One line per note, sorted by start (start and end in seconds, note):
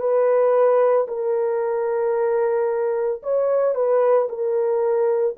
0.00 1.07 B4
1.08 3.22 A#4
3.23 3.75 C#5
3.75 4.29 B4
4.29 5.36 A#4